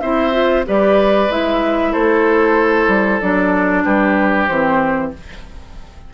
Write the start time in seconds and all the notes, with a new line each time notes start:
0.00 C4 E4 C5 E5
0.32 F4
0.66 G3 G4 B4 D5
1.29 G#3 E4 E5
1.91 A3 A4 C5
2.87 G3
3.20 F#3 D4 D5
3.84 G3 G4 B4
4.46 E3 C4 C5